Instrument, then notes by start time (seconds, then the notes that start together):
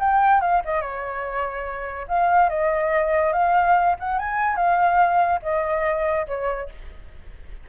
flute
0.00 G5
0.41 F5
0.65 D#5
0.81 C#5
2.08 F5
2.49 D#5
3.33 F5
4.00 F#5
4.19 G#5
4.56 F5
5.43 D#5
6.27 C#5